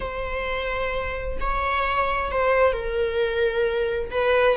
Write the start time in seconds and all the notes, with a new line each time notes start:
0.00 C5
1.40 C#5
2.31 C5
2.73 A#4
4.11 B4